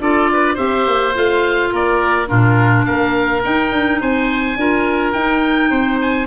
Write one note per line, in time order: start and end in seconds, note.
0.00 0.57 D4
0.00 0.57 F4
0.00 0.30 A4
0.00 0.57 D5
0.33 0.55 B4
0.55 0.87 C4
0.55 1.14 G4
0.55 1.69 C5
0.55 1.14 E5
0.87 1.16 A#3
1.14 1.73 A3
1.14 2.27 F4
1.14 1.74 F5
1.72 2.30 A#3
1.72 2.29 A#4
1.72 2.28 D5
2.27 2.88 A#2
2.27 3.41 D4
2.27 2.86 F4
2.27 2.85 A#4
2.85 3.45 A#3
2.85 4.00 A#4
2.85 3.43 F5
3.43 4.58 D#4
3.43 3.72 D#4
3.43 4.02 G5
3.72 4.01 D4
4.00 4.57 C4
4.00 4.58 C5
4.00 5.13 G#5
4.57 5.14 D4
4.57 5.15 F4
4.57 5.70 A#4
5.13 6.27 D#4
5.13 5.71 D#4
5.13 5.98 G5
5.70 6.27 C4
5.70 6.27 C5
6.02 6.27 G#5